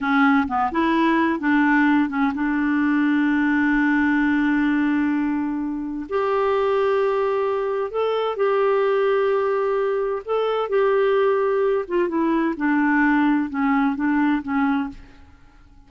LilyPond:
\new Staff \with { instrumentName = "clarinet" } { \time 4/4 \tempo 4 = 129 cis'4 b8 e'4. d'4~ | d'8 cis'8 d'2.~ | d'1~ | d'4 g'2.~ |
g'4 a'4 g'2~ | g'2 a'4 g'4~ | g'4. f'8 e'4 d'4~ | d'4 cis'4 d'4 cis'4 | }